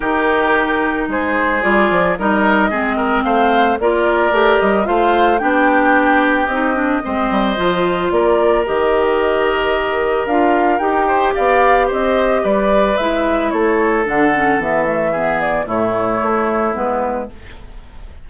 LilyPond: <<
  \new Staff \with { instrumentName = "flute" } { \time 4/4 \tempo 4 = 111 ais'2 c''4 d''4 | dis''2 f''4 d''4~ | d''8 dis''8 f''4 g''2 | dis''2. d''4 |
dis''2. f''4 | g''4 f''4 dis''4 d''4 | e''4 cis''4 fis''4 e''4~ | e''8 d''8 cis''2 b'4 | }
  \new Staff \with { instrumentName = "oboe" } { \time 4/4 g'2 gis'2 | ais'4 gis'8 ais'8 c''4 ais'4~ | ais'4 c''4 g'2~ | g'4 c''2 ais'4~ |
ais'1~ | ais'8 c''8 d''4 c''4 b'4~ | b'4 a'2. | gis'4 e'2. | }
  \new Staff \with { instrumentName = "clarinet" } { \time 4/4 dis'2. f'4 | dis'4 c'2 f'4 | g'4 f'4 d'2 | dis'8 d'8 c'4 f'2 |
g'2. f'4 | g'1 | e'2 d'8 cis'8 b8 a8 | b4 a2 b4 | }
  \new Staff \with { instrumentName = "bassoon" } { \time 4/4 dis2 gis4 g8 f8 | g4 gis4 a4 ais4 | a8 g8 a4 b2 | c'4 gis8 g8 f4 ais4 |
dis2. d'4 | dis'4 b4 c'4 g4 | gis4 a4 d4 e4~ | e4 a,4 a4 gis4 | }
>>